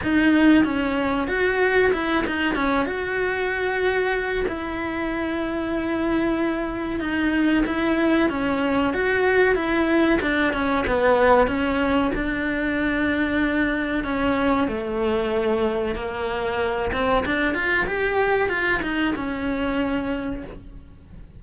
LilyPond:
\new Staff \with { instrumentName = "cello" } { \time 4/4 \tempo 4 = 94 dis'4 cis'4 fis'4 e'8 dis'8 | cis'8 fis'2~ fis'8 e'4~ | e'2. dis'4 | e'4 cis'4 fis'4 e'4 |
d'8 cis'8 b4 cis'4 d'4~ | d'2 cis'4 a4~ | a4 ais4. c'8 d'8 f'8 | g'4 f'8 dis'8 cis'2 | }